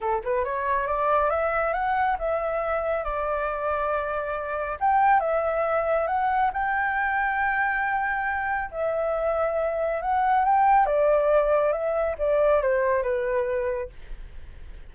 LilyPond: \new Staff \with { instrumentName = "flute" } { \time 4/4 \tempo 4 = 138 a'8 b'8 cis''4 d''4 e''4 | fis''4 e''2 d''4~ | d''2. g''4 | e''2 fis''4 g''4~ |
g''1 | e''2. fis''4 | g''4 d''2 e''4 | d''4 c''4 b'2 | }